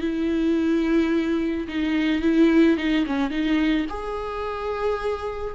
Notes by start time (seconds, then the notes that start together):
0.00 E4
1.67 D#4
2.21 E4
2.77 D#4
3.06 C#4
3.30 D#4
3.89 G#4